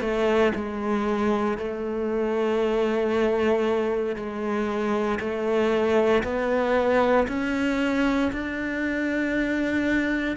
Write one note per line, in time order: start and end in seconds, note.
0.00 0.52 A3
0.55 1.58 G#3
1.58 4.15 A3
4.15 5.19 G#3
5.20 6.23 A3
6.23 7.26 B3
7.27 8.31 C#4
8.32 10.36 D4